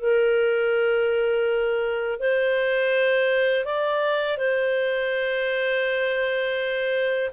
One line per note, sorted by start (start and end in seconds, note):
0.00 2.20 A#4
2.20 3.65 C5
3.65 4.38 D5
4.38 7.30 C5